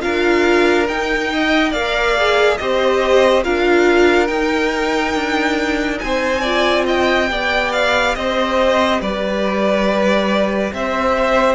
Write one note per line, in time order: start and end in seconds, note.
0.00 0.89 D4
0.00 0.86 F4
0.00 1.32 A#4
0.00 0.87 F5
0.88 1.73 D#4
0.88 1.75 D#4
0.88 1.72 G5
1.33 1.70 D#5
1.70 2.58 A#3
1.70 2.16 A#4
1.70 2.55 D5
1.70 2.57 F5
2.16 2.59 G#4
2.57 3.45 C4
2.57 3.44 G4
2.57 3.43 C5
2.57 3.43 D#5
3.43 4.29 D4
3.43 4.28 F4
3.43 6.01 A#4
3.43 4.27 F5
4.27 6.42 D#4
4.27 5.14 D#4
4.27 5.98 G5
5.14 6.00 D4
5.99 7.30 C4
5.99 6.41 C5
5.99 6.84 G#5
6.41 7.28 F4
6.41 6.84 D5
6.86 7.29 D#5
6.86 7.72 G5
7.28 8.15 B3
7.28 11.55 G4
7.28 8.17 D5
7.72 8.15 F5
8.15 9.01 C4
8.15 9.01 C5
8.15 9.00 D#5
9.01 10.72 G3
9.01 10.72 B4
9.01 10.73 D5
10.73 11.55 C4
10.73 11.55 C5
10.73 11.55 E5